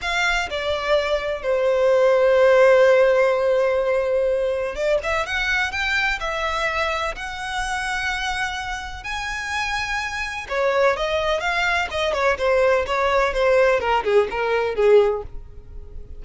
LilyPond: \new Staff \with { instrumentName = "violin" } { \time 4/4 \tempo 4 = 126 f''4 d''2 c''4~ | c''1~ | c''2 d''8 e''8 fis''4 | g''4 e''2 fis''4~ |
fis''2. gis''4~ | gis''2 cis''4 dis''4 | f''4 dis''8 cis''8 c''4 cis''4 | c''4 ais'8 gis'8 ais'4 gis'4 | }